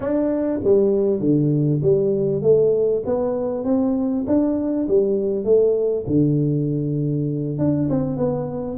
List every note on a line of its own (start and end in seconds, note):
0.00 0.60 D4
0.64 1.20 G3
1.20 1.80 D3
1.82 2.42 G3
2.42 3.02 A3
3.05 3.64 B3
3.64 4.25 C4
4.26 4.87 D4
4.88 5.44 G3
5.44 6.04 A3
6.06 7.58 D3
7.58 7.88 D4
7.89 8.17 C4
8.17 8.77 B3